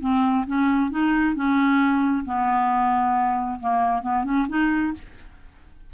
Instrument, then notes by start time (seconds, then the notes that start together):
clarinet
0.00 C4
0.46 C#4
0.90 D#4
1.35 C#4
2.25 B3
3.60 A#3
4.02 B3
4.24 C#4
4.48 D#4